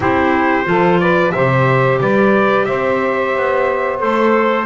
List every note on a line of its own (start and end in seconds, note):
0.00 0.66 C4
0.00 0.64 E4
0.00 0.66 G4
0.00 1.00 C5
0.64 1.33 F3
0.64 1.31 F4
0.64 1.00 A4
1.00 1.33 B4
1.00 1.31 D5
1.31 2.00 C3
1.31 3.99 G4
1.31 2.00 C5
1.31 1.98 E5
2.00 2.66 G3
2.00 2.67 B4
2.00 2.65 D5
2.65 3.35 C4
2.65 4.66 C5
2.65 3.98 E5
3.36 4.02 B3
3.99 4.66 A3
3.99 4.66 A4
3.99 4.66 C5